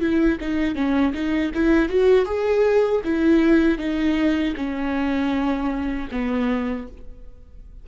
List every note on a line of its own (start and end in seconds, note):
0.00 0.38 E4
0.40 0.75 D#4
0.75 1.13 C#4
1.14 1.52 D#4
1.54 1.88 E4
1.88 2.25 F#4
2.25 3.01 G#4
3.04 3.78 E4
3.78 4.54 D#4
4.56 6.08 C#4
6.11 6.87 B3